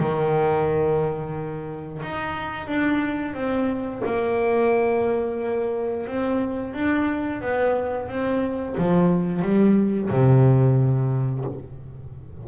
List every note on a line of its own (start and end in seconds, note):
0.00 2.02 D#3
2.03 2.68 D#4
2.68 3.35 D4
3.35 4.02 C4
4.06 6.07 A#3
6.07 6.74 C4
6.74 7.42 D4
7.42 8.09 B3
8.09 8.76 C4
8.78 9.43 F3
9.43 10.10 G3
10.10 11.45 C3